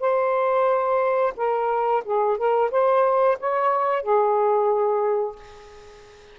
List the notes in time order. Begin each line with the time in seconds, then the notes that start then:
0.00 C5
1.37 A#4
2.05 G#4
2.37 A#4
2.71 C5
3.40 C#5
4.02 G#4